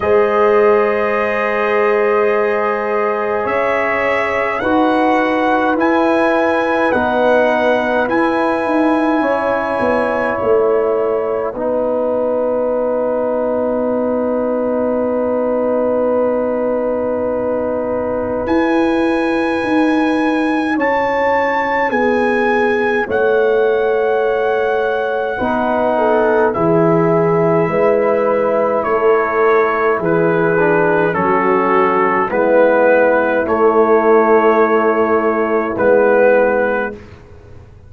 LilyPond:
<<
  \new Staff \with { instrumentName = "trumpet" } { \time 4/4 \tempo 4 = 52 dis''2. e''4 | fis''4 gis''4 fis''4 gis''4~ | gis''4 fis''2.~ | fis''1 |
gis''2 a''4 gis''4 | fis''2. e''4~ | e''4 cis''4 b'4 a'4 | b'4 cis''2 b'4 | }
  \new Staff \with { instrumentName = "horn" } { \time 4/4 c''2. cis''4 | b'1 | cis''2 b'2~ | b'1~ |
b'2 cis''4 gis'4 | cis''2 b'8 a'8 gis'4 | b'4 a'4 gis'4 fis'4 | e'1 | }
  \new Staff \with { instrumentName = "trombone" } { \time 4/4 gis'1 | fis'4 e'4 dis'4 e'4~ | e'2 dis'2~ | dis'1 |
e'1~ | e'2 dis'4 e'4~ | e'2~ e'8 d'8 cis'4 | b4 a2 b4 | }
  \new Staff \with { instrumentName = "tuba" } { \time 4/4 gis2. cis'4 | dis'4 e'4 b4 e'8 dis'8 | cis'8 b8 a4 b2~ | b1 |
e'4 dis'4 cis'4 b4 | a2 b4 e4 | gis4 a4 e4 fis4 | gis4 a2 gis4 | }
>>